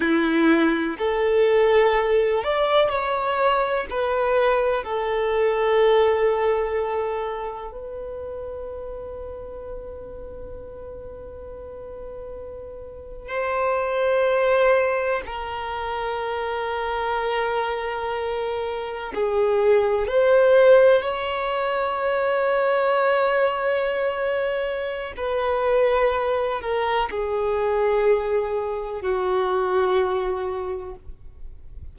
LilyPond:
\new Staff \with { instrumentName = "violin" } { \time 4/4 \tempo 4 = 62 e'4 a'4. d''8 cis''4 | b'4 a'2. | b'1~ | b'4.~ b'16 c''2 ais'16~ |
ais'2.~ ais'8. gis'16~ | gis'8. c''4 cis''2~ cis''16~ | cis''2 b'4. ais'8 | gis'2 fis'2 | }